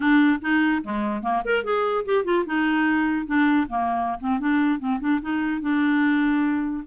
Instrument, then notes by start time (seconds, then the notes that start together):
clarinet
0.00 D4
0.41 D#4
0.83 G#3
1.22 A#3
1.45 A#4
1.64 G#4
2.05 G4
2.24 F4
2.46 D#4
3.26 D4
3.68 A#3
4.20 C4
4.39 D4
4.79 C4
5.00 D4
5.21 D#4
5.61 D4